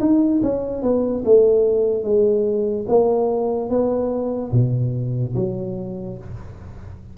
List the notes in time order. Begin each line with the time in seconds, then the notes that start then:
0.00 D#4
0.43 C#4
0.83 B3
1.25 A3
2.04 G#3
2.88 A#3
3.69 B3
4.52 B2
5.35 F#3